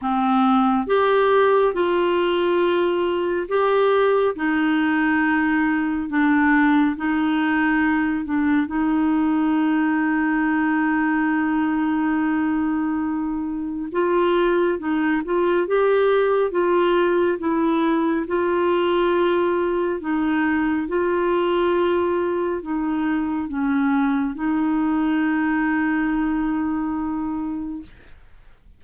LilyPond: \new Staff \with { instrumentName = "clarinet" } { \time 4/4 \tempo 4 = 69 c'4 g'4 f'2 | g'4 dis'2 d'4 | dis'4. d'8 dis'2~ | dis'1 |
f'4 dis'8 f'8 g'4 f'4 | e'4 f'2 dis'4 | f'2 dis'4 cis'4 | dis'1 | }